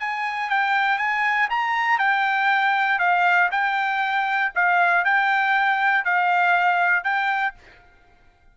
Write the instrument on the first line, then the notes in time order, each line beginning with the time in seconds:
trumpet
0.00 G#5
0.50 G5
0.98 G#5
1.50 A#5
1.99 G5
2.99 F5
3.51 G5
4.55 F5
5.05 G5
6.05 F5
7.04 G5